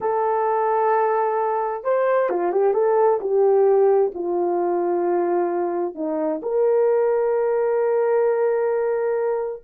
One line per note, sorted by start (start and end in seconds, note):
0.00 1.84 A4
1.84 2.29 C5
2.29 2.52 F4
2.52 2.73 G4
2.73 3.19 A4
3.20 4.11 G4
4.14 5.94 F4
5.94 6.40 D#4
6.42 9.63 A#4